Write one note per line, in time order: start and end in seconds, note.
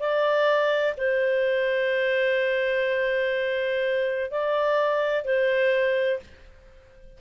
0.00 0.95 D5
0.98 4.31 C5
4.31 5.25 D5
5.25 6.20 C5